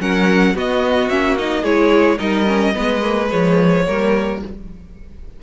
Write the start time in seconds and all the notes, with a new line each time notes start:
0.00 F#3 C#4 A#4 F#5
0.55 B3 F#4 D#5
1.09 A#3 C#4 E5
1.38 D#4 D#5
1.62 G#3 E4 G#4 C#5
2.18 G3 D#4 A#4 D#5
2.47 C#4
2.74 G#3 B3 B4
3.02 A#3
3.29 F3 G#3 C#5
3.87 G3 A#3 A#4